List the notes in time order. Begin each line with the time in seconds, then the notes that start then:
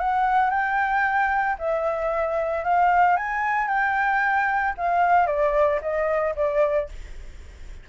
0.00 F#5
0.50 G5
1.59 E5
2.65 F5
3.17 G#5
3.68 G5
4.78 F5
5.27 D5
5.82 D#5
6.36 D5